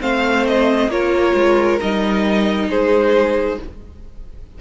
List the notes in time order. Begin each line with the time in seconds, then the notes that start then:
0.00 A3 C4 C5 F5
0.47 D#5
0.87 A#3 F4 A#4 C#5
1.34 G#3
1.80 G3 D#4 D#5
2.68 G#3 G#4 C5